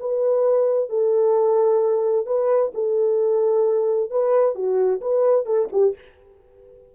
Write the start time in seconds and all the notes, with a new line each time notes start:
0.00 B4
0.89 A4
2.27 B4
2.74 A4
4.11 B4
4.55 F#4
5.01 B4
5.46 A4
5.72 G4